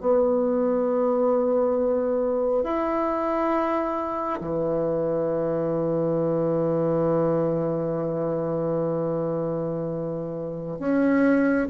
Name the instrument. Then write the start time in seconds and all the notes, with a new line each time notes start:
bassoon
0.00 B3
2.64 E4
4.41 E3
10.79 C#4